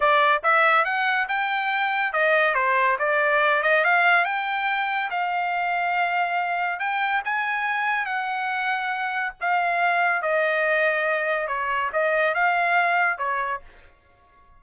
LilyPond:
\new Staff \with { instrumentName = "trumpet" } { \time 4/4 \tempo 4 = 141 d''4 e''4 fis''4 g''4~ | g''4 dis''4 c''4 d''4~ | d''8 dis''8 f''4 g''2 | f''1 |
g''4 gis''2 fis''4~ | fis''2 f''2 | dis''2. cis''4 | dis''4 f''2 cis''4 | }